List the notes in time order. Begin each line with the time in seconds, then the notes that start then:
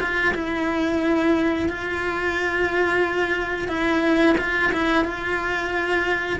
0.00 F4
0.34 E4
1.69 F4
3.68 E4
4.38 F4
4.73 E4
5.05 F4